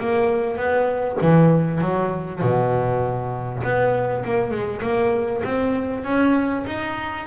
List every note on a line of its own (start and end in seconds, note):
0.00 0.57 A#3
0.57 1.18 B3
1.22 1.82 E3
1.82 2.42 F#3
2.42 3.63 B2
3.64 4.24 B3
4.25 4.52 A#3
4.52 4.82 G#3
4.82 5.43 A#3
5.45 6.05 C4
6.05 6.65 C#4
6.67 7.27 D#4